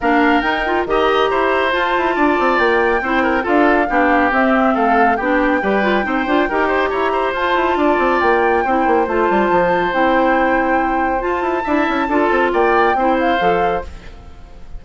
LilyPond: <<
  \new Staff \with { instrumentName = "flute" } { \time 4/4 \tempo 4 = 139 f''4 g''4 ais''2 | a''2 g''2 | f''2 e''4 f''4 | g''1 |
ais''4 a''2 g''4~ | g''4 a''2 g''4~ | g''2 a''2~ | a''4 g''4. f''4. | }
  \new Staff \with { instrumentName = "oboe" } { \time 4/4 ais'2 dis''4 c''4~ | c''4 d''2 c''8 ais'8 | a'4 g'2 a'4 | g'4 b'4 c''4 ais'8 c''8 |
cis''8 c''4. d''2 | c''1~ | c''2. e''4 | a'4 d''4 c''2 | }
  \new Staff \with { instrumentName = "clarinet" } { \time 4/4 d'4 dis'8 f'8 g'2 | f'2. e'4 | f'4 d'4 c'2 | d'4 g'8 f'8 dis'8 f'8 g'4~ |
g'4 f'2. | e'4 f'2 e'4~ | e'2 f'4 e'4 | f'2 e'4 a'4 | }
  \new Staff \with { instrumentName = "bassoon" } { \time 4/4 ais4 dis'4 dis4 e'4 | f'8 e'8 d'8 c'8 ais4 c'4 | d'4 b4 c'4 a4 | b4 g4 c'8 d'8 dis'4 |
e'4 f'8 e'8 d'8 c'8 ais4 | c'8 ais8 a8 g8 f4 c'4~ | c'2 f'8 e'8 d'8 cis'8 | d'8 c'8 ais4 c'4 f4 | }
>>